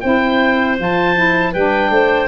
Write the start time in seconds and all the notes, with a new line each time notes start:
0.00 C4 E4 C5 G5
0.76 F3 F4 A5
1.15 E4
1.52 G3 D4 B4 G5
1.90 A3 C5